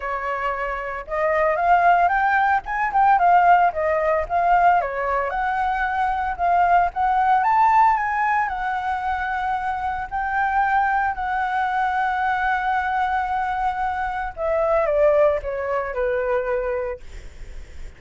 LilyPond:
\new Staff \with { instrumentName = "flute" } { \time 4/4 \tempo 4 = 113 cis''2 dis''4 f''4 | g''4 gis''8 g''8 f''4 dis''4 | f''4 cis''4 fis''2 | f''4 fis''4 a''4 gis''4 |
fis''2. g''4~ | g''4 fis''2.~ | fis''2. e''4 | d''4 cis''4 b'2 | }